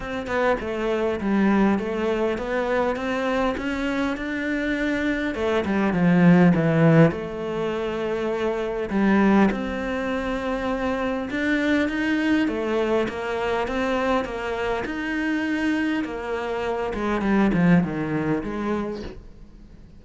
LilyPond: \new Staff \with { instrumentName = "cello" } { \time 4/4 \tempo 4 = 101 c'8 b8 a4 g4 a4 | b4 c'4 cis'4 d'4~ | d'4 a8 g8 f4 e4 | a2. g4 |
c'2. d'4 | dis'4 a4 ais4 c'4 | ais4 dis'2 ais4~ | ais8 gis8 g8 f8 dis4 gis4 | }